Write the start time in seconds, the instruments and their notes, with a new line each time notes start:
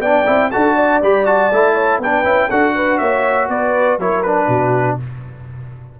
0.00 tuba B3, trombone D4, horn D5, trumpet G5
0.26 tuba C4, trombone E4
0.51 tuba D4, trombone F#4, horn A4, trumpet A5
0.75 horn D5
1.02 tuba G3, trombone G4, trumpet B5
1.26 trombone F#4, trumpet A5
1.51 tuba A3, trombone E4
1.75 horn C#5
1.99 tuba B3, trombone D4, horn B4, trumpet G5
2.24 tuba C#4, trombone E4
2.50 tuba D4, trombone F#4, horn A4, trumpet F#5
2.76 horn B4
2.98 tuba A#3, horn C#5, trumpet E5
3.49 tuba B3, horn B4, trumpet D5
3.98 tuba F#3, trombone E4, horn A#4, trumpet C#5
4.23 trombone D4, trumpet B4
4.47 tuba B2, horn F#4